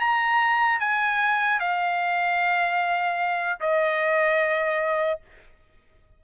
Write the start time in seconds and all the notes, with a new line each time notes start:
0.00 A#5
0.80 G#5
1.60 F5
3.61 D#5